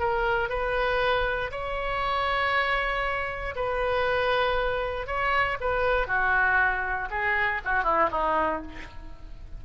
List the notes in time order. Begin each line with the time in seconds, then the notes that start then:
0.00 A#4
0.49 B4
1.52 C#5
3.56 B4
5.07 C#5
5.61 B4
6.07 F#4
7.11 G#4
7.65 F#4
7.84 E4
8.12 D#4